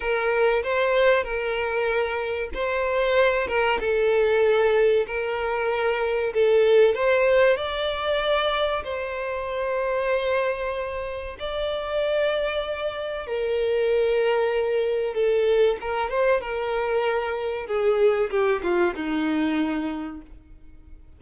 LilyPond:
\new Staff \with { instrumentName = "violin" } { \time 4/4 \tempo 4 = 95 ais'4 c''4 ais'2 | c''4. ais'8 a'2 | ais'2 a'4 c''4 | d''2 c''2~ |
c''2 d''2~ | d''4 ais'2. | a'4 ais'8 c''8 ais'2 | gis'4 g'8 f'8 dis'2 | }